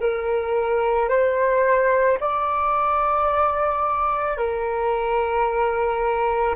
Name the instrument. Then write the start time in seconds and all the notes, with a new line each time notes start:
flute
0.00 A#4
1.09 C5
2.20 D5
4.37 A#4